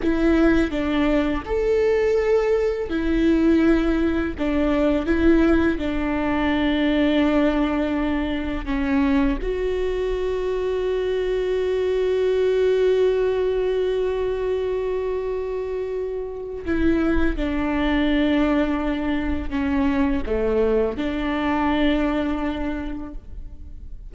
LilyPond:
\new Staff \with { instrumentName = "viola" } { \time 4/4 \tempo 4 = 83 e'4 d'4 a'2 | e'2 d'4 e'4 | d'1 | cis'4 fis'2.~ |
fis'1~ | fis'2. e'4 | d'2. cis'4 | a4 d'2. | }